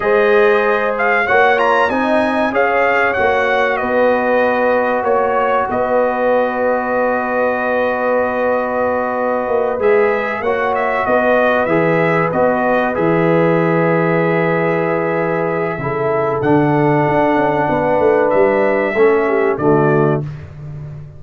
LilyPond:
<<
  \new Staff \with { instrumentName = "trumpet" } { \time 4/4 \tempo 4 = 95 dis''4. f''8 fis''8 ais''8 gis''4 | f''4 fis''4 dis''2 | cis''4 dis''2.~ | dis''2.~ dis''8 e''8~ |
e''8 fis''8 e''8 dis''4 e''4 dis''8~ | dis''8 e''2.~ e''8~ | e''2 fis''2~ | fis''4 e''2 d''4 | }
  \new Staff \with { instrumentName = "horn" } { \time 4/4 c''2 cis''4 dis''4 | cis''2 b'2 | cis''4 b'2.~ | b'1~ |
b'8 cis''4 b'2~ b'8~ | b'1~ | b'4 a'2. | b'2 a'8 g'8 fis'4 | }
  \new Staff \with { instrumentName = "trombone" } { \time 4/4 gis'2 fis'8 f'8 dis'4 | gis'4 fis'2.~ | fis'1~ | fis'2.~ fis'8 gis'8~ |
gis'8 fis'2 gis'4 fis'8~ | fis'8 gis'2.~ gis'8~ | gis'4 e'4 d'2~ | d'2 cis'4 a4 | }
  \new Staff \with { instrumentName = "tuba" } { \time 4/4 gis2 ais4 c'4 | cis'4 ais4 b2 | ais4 b2.~ | b2. ais8 gis8~ |
gis8 ais4 b4 e4 b8~ | b8 e2.~ e8~ | e4 cis4 d4 d'8 cis'8 | b8 a8 g4 a4 d4 | }
>>